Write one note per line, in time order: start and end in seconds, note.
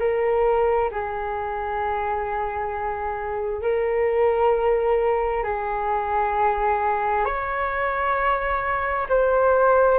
0.00 0.91 A#4
0.91 3.62 G#4
3.62 5.44 A#4
5.44 7.26 G#4
7.26 9.07 C#5
9.10 9.99 C5